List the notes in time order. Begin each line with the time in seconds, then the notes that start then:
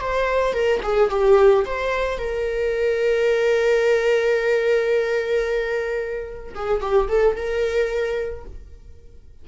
0.00 C5
0.53 A#4
0.82 G#4
1.10 G4
1.65 C5
2.18 A#4
6.55 G#4
6.80 G4
7.08 A4
7.35 A#4